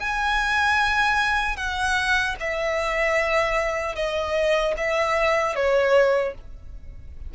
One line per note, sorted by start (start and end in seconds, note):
0.00 1.56 G#5
1.56 2.35 F#5
2.40 3.95 E5
3.95 4.74 D#5
4.77 5.55 E5
5.55 6.34 C#5